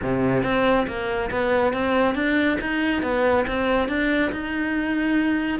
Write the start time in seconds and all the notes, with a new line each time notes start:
0.02 C3
0.43 C4
0.87 A#3
1.30 B3
1.73 C4
2.15 D4
2.60 D#4
3.02 B3
3.47 C4
3.88 D4
4.32 D#4